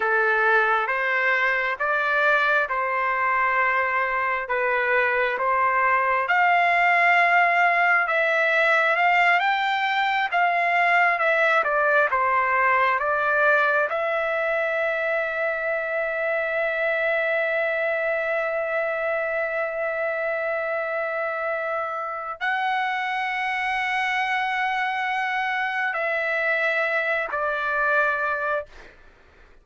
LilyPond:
\new Staff \with { instrumentName = "trumpet" } { \time 4/4 \tempo 4 = 67 a'4 c''4 d''4 c''4~ | c''4 b'4 c''4 f''4~ | f''4 e''4 f''8 g''4 f''8~ | f''8 e''8 d''8 c''4 d''4 e''8~ |
e''1~ | e''1~ | e''4 fis''2.~ | fis''4 e''4. d''4. | }